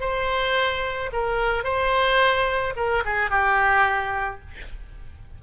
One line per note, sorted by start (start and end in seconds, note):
0.00 1.10 C5
1.12 1.63 A#4
1.63 2.73 C5
2.76 3.03 A#4
3.05 3.30 G#4
3.30 4.40 G4